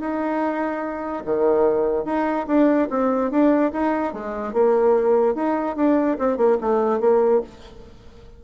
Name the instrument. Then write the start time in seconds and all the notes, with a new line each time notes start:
bassoon
0.00 D#4
1.25 D#3
2.05 D#4
2.47 D4
2.90 C4
3.31 D4
3.73 D#4
4.13 G#3
4.53 A#3
5.35 D#4
5.76 D4
6.19 C4
6.37 A#3
6.61 A3
7.00 A#3